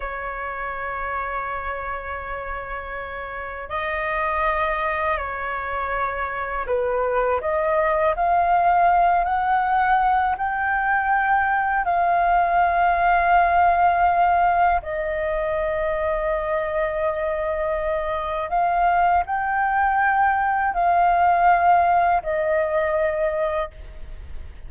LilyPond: \new Staff \with { instrumentName = "flute" } { \time 4/4 \tempo 4 = 81 cis''1~ | cis''4 dis''2 cis''4~ | cis''4 b'4 dis''4 f''4~ | f''8 fis''4. g''2 |
f''1 | dis''1~ | dis''4 f''4 g''2 | f''2 dis''2 | }